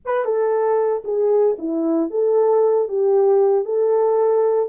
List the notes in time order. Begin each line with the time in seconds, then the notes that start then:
0.05 B4
0.24 A4
1.04 G#4
1.58 E4
2.10 A4
2.88 G4
3.65 A4